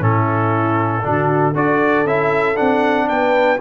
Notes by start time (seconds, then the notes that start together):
0.00 A2 C#4 E4 A4
1.03 D3 D4 F#4
1.53 D4 F#4 A4 D5
2.05 C#4 E4 E5
2.56 C4 D4 F#5
3.09 B3 B4 G5